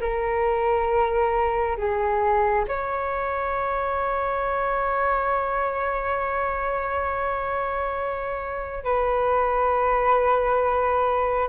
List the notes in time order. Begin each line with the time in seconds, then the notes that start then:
0.00 A#4
1.77 G#4
2.68 C#5
8.84 B4